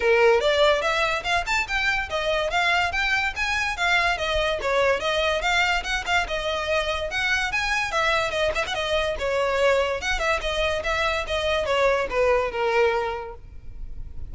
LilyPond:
\new Staff \with { instrumentName = "violin" } { \time 4/4 \tempo 4 = 144 ais'4 d''4 e''4 f''8 a''8 | g''4 dis''4 f''4 g''4 | gis''4 f''4 dis''4 cis''4 | dis''4 f''4 fis''8 f''8 dis''4~ |
dis''4 fis''4 gis''4 e''4 | dis''8 e''16 fis''16 dis''4 cis''2 | fis''8 e''8 dis''4 e''4 dis''4 | cis''4 b'4 ais'2 | }